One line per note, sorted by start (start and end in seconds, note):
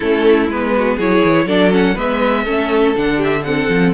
0.00 0.48 A3
0.00 0.50 C#4
0.00 0.72 E4
0.00 0.48 A4
0.48 0.97 G#3
0.48 1.00 B3
0.48 0.98 B4
0.76 0.95 F#4
0.95 1.22 F#3
0.95 1.47 E4
0.95 1.45 G#4
0.95 1.48 C#5
1.24 1.45 E3
1.45 1.94 F#3
1.45 1.70 D4
1.45 1.94 A4
1.45 1.72 D5
1.70 1.95 C#4
1.70 1.98 F#5
1.94 2.45 G#3
1.94 2.45 B3
1.94 2.43 B4
1.94 2.96 E5
2.45 2.94 A3
2.45 2.95 C#4
2.45 3.17 A4
2.95 3.68 D3
2.95 3.44 D4
2.95 3.22 F#5
3.17 3.41 G4
3.23 3.43 E5
3.43 3.94 C4
3.43 3.94 A4
3.43 3.92 F#5
3.68 3.92 F3